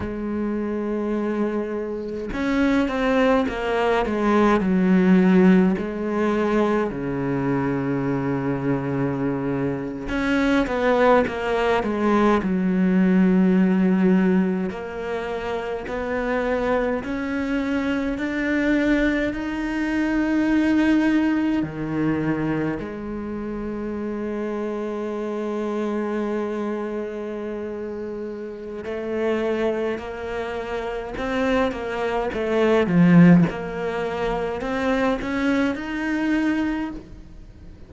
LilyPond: \new Staff \with { instrumentName = "cello" } { \time 4/4 \tempo 4 = 52 gis2 cis'8 c'8 ais8 gis8 | fis4 gis4 cis2~ | cis8. cis'8 b8 ais8 gis8 fis4~ fis16~ | fis8. ais4 b4 cis'4 d'16~ |
d'8. dis'2 dis4 gis16~ | gis1~ | gis4 a4 ais4 c'8 ais8 | a8 f8 ais4 c'8 cis'8 dis'4 | }